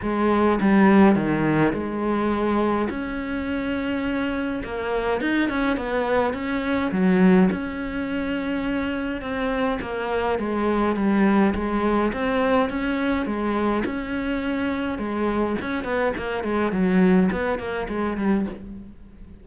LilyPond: \new Staff \with { instrumentName = "cello" } { \time 4/4 \tempo 4 = 104 gis4 g4 dis4 gis4~ | gis4 cis'2. | ais4 dis'8 cis'8 b4 cis'4 | fis4 cis'2. |
c'4 ais4 gis4 g4 | gis4 c'4 cis'4 gis4 | cis'2 gis4 cis'8 b8 | ais8 gis8 fis4 b8 ais8 gis8 g8 | }